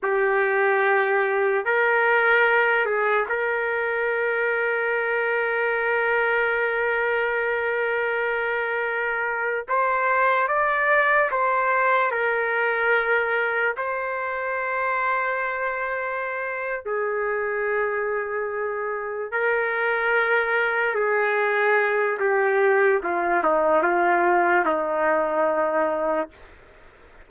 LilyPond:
\new Staff \with { instrumentName = "trumpet" } { \time 4/4 \tempo 4 = 73 g'2 ais'4. gis'8 | ais'1~ | ais'2.~ ais'8. c''16~ | c''8. d''4 c''4 ais'4~ ais'16~ |
ais'8. c''2.~ c''16~ | c''8 gis'2. ais'8~ | ais'4. gis'4. g'4 | f'8 dis'8 f'4 dis'2 | }